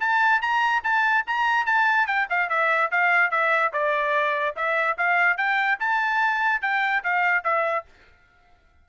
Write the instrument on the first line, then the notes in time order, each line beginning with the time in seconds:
trumpet
0.00 A5
0.41 A#5
0.84 A5
1.27 A#5
1.66 A5
2.07 G5
2.30 F5
2.49 E5
2.91 F5
3.30 E5
3.73 D5
4.56 E5
4.97 F5
5.37 G5
5.79 A5
6.62 G5
7.03 F5
7.44 E5